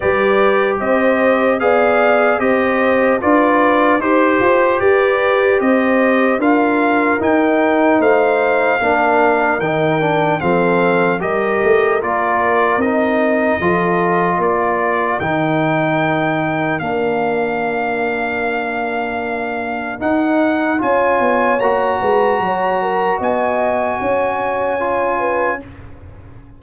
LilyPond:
<<
  \new Staff \with { instrumentName = "trumpet" } { \time 4/4 \tempo 4 = 75 d''4 dis''4 f''4 dis''4 | d''4 c''4 d''4 dis''4 | f''4 g''4 f''2 | g''4 f''4 dis''4 d''4 |
dis''2 d''4 g''4~ | g''4 f''2.~ | f''4 fis''4 gis''4 ais''4~ | ais''4 gis''2. | }
  \new Staff \with { instrumentName = "horn" } { \time 4/4 b'4 c''4 d''4 c''4 | b'4 c''4 b'4 c''4 | ais'2 c''4 ais'4~ | ais'4 a'4 ais'2~ |
ais'4 a'4 ais'2~ | ais'1~ | ais'2 cis''4. b'8 | cis''8 ais'8 dis''4 cis''4. b'8 | }
  \new Staff \with { instrumentName = "trombone" } { \time 4/4 g'2 gis'4 g'4 | f'4 g'2. | f'4 dis'2 d'4 | dis'8 d'8 c'4 g'4 f'4 |
dis'4 f'2 dis'4~ | dis'4 d'2.~ | d'4 dis'4 f'4 fis'4~ | fis'2. f'4 | }
  \new Staff \with { instrumentName = "tuba" } { \time 4/4 g4 c'4 b4 c'4 | d'4 dis'8 f'8 g'4 c'4 | d'4 dis'4 a4 ais4 | dis4 f4 g8 a8 ais4 |
c'4 f4 ais4 dis4~ | dis4 ais2.~ | ais4 dis'4 cis'8 b8 ais8 gis8 | fis4 b4 cis'2 | }
>>